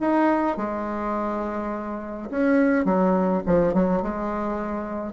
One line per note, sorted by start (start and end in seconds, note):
0.00 0.57 D#4
0.57 2.30 G#3
2.30 2.85 C#4
2.85 3.42 F#3
3.46 3.74 F3
3.74 4.02 F#3
4.02 5.13 G#3